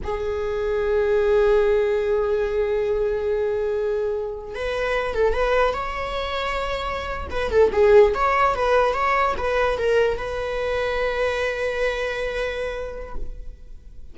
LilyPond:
\new Staff \with { instrumentName = "viola" } { \time 4/4 \tempo 4 = 146 gis'1~ | gis'1~ | gis'2. b'4~ | b'8 a'8 b'4 cis''2~ |
cis''4.~ cis''16 b'8 a'8 gis'4 cis''16~ | cis''8. b'4 cis''4 b'4 ais'16~ | ais'8. b'2.~ b'16~ | b'1 | }